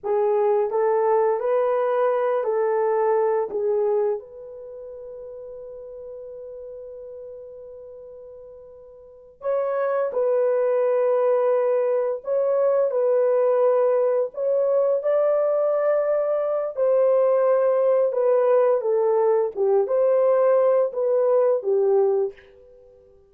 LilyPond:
\new Staff \with { instrumentName = "horn" } { \time 4/4 \tempo 4 = 86 gis'4 a'4 b'4. a'8~ | a'4 gis'4 b'2~ | b'1~ | b'4. cis''4 b'4.~ |
b'4. cis''4 b'4.~ | b'8 cis''4 d''2~ d''8 | c''2 b'4 a'4 | g'8 c''4. b'4 g'4 | }